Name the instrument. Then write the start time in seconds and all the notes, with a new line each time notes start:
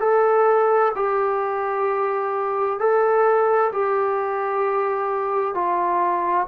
trombone
0.00 A4
0.95 G4
2.79 A4
3.73 G4
5.55 F4